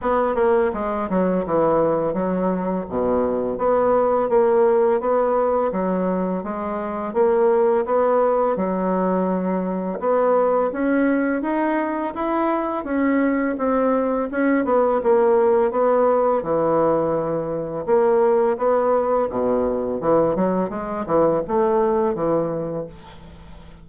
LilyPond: \new Staff \with { instrumentName = "bassoon" } { \time 4/4 \tempo 4 = 84 b8 ais8 gis8 fis8 e4 fis4 | b,4 b4 ais4 b4 | fis4 gis4 ais4 b4 | fis2 b4 cis'4 |
dis'4 e'4 cis'4 c'4 | cis'8 b8 ais4 b4 e4~ | e4 ais4 b4 b,4 | e8 fis8 gis8 e8 a4 e4 | }